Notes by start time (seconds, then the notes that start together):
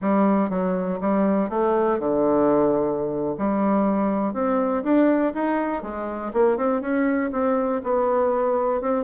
0.01 G3
0.49 F#3
1.00 G3
1.49 A3
1.99 D3
3.37 G3
4.33 C4
4.83 D4
5.34 D#4
5.82 G#3
6.33 A#3
6.57 C4
6.81 C#4
7.31 C4
7.83 B3
8.81 C4